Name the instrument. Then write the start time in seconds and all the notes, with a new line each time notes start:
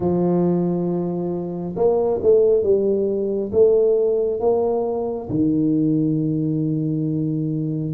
tuba
0.00 F3
1.76 A#3
2.22 A3
2.62 G3
3.52 A3
4.40 A#3
5.29 D#3